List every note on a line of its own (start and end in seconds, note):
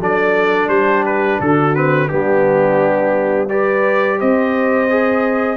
0.00 0.68 F#3
0.00 1.74 D4
0.00 0.70 A4
0.00 0.69 D5
0.68 1.37 G3
0.68 1.40 G4
0.68 1.03 C5
1.05 1.40 B4
1.40 2.10 D3
1.40 2.10 F#4
1.40 1.75 A4
1.74 2.09 C4
1.74 2.08 B4
2.08 4.21 G3
2.08 3.49 B3
2.08 3.49 D4
2.08 3.48 G4
3.49 4.88 G4
3.49 4.18 B4
3.49 4.19 D5
4.18 5.57 C4
4.18 5.57 C5
4.18 5.57 D#5
4.90 5.57 G#4